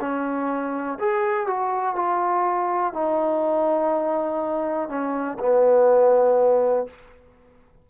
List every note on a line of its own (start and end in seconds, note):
0.00 0.98 C#4
0.99 1.47 G#4
1.47 1.95 F#4
1.95 2.93 F4
2.93 4.89 D#4
4.89 5.38 C#4
5.39 6.87 B3